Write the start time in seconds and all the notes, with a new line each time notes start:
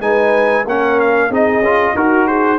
0.00 G#3 D#4 B4 G#5
0.64 A#3 C#4 A#4 F#5
1.00 F5
1.29 C4 D#4 G#4 D#5
1.61 C#4 F4
1.95 D#4 F#4 A#4
2.27 G#4 C5